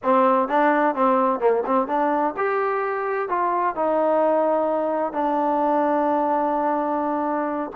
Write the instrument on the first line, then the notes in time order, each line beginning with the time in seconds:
trombone
0.03 C4
0.48 D4
0.95 C4
1.40 A#3
1.66 C4
1.87 D4
2.36 G4
3.28 F4
3.75 D#4
5.13 D4